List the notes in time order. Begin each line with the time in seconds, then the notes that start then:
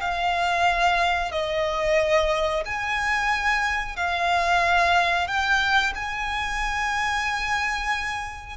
0.00 F5
1.31 D#5
2.65 G#5
3.96 F5
5.27 G5
5.95 G#5